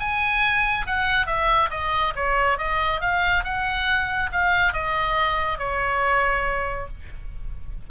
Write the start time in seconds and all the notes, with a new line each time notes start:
0.00 G#5
0.87 F#5
1.27 E5
1.71 D#5
2.16 C#5
2.58 D#5
3.01 F5
3.44 F#5
4.32 F5
4.73 D#5
5.59 C#5